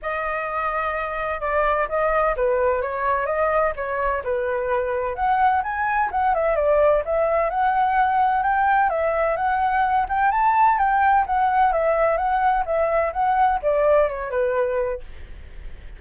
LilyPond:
\new Staff \with { instrumentName = "flute" } { \time 4/4 \tempo 4 = 128 dis''2. d''4 | dis''4 b'4 cis''4 dis''4 | cis''4 b'2 fis''4 | gis''4 fis''8 e''8 d''4 e''4 |
fis''2 g''4 e''4 | fis''4. g''8 a''4 g''4 | fis''4 e''4 fis''4 e''4 | fis''4 d''4 cis''8 b'4. | }